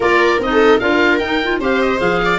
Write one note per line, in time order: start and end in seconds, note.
0.00 0.39 A#3
0.00 0.39 F4
0.00 0.48 A#4
0.00 0.41 D5
0.39 0.79 C4
0.39 0.80 D#4
0.39 0.79 D#5
0.51 0.79 A4
0.79 1.19 D4
0.79 1.20 F4
0.79 1.59 A#4
0.79 1.18 F5
1.18 1.59 D#4
1.18 1.42 D#4
1.18 1.58 G5
1.43 1.60 F4
1.59 1.99 C4
1.59 1.98 G4
1.59 2.20 C5
1.59 1.81 F5
1.81 1.99 D#5
1.98 2.38 F3
1.98 2.38 G#4
1.98 2.38 F5
2.24 2.38 D5